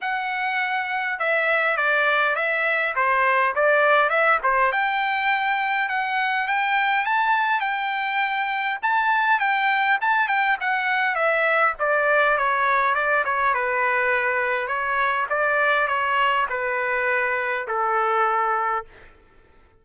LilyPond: \new Staff \with { instrumentName = "trumpet" } { \time 4/4 \tempo 4 = 102 fis''2 e''4 d''4 | e''4 c''4 d''4 e''8 c''8 | g''2 fis''4 g''4 | a''4 g''2 a''4 |
g''4 a''8 g''8 fis''4 e''4 | d''4 cis''4 d''8 cis''8 b'4~ | b'4 cis''4 d''4 cis''4 | b'2 a'2 | }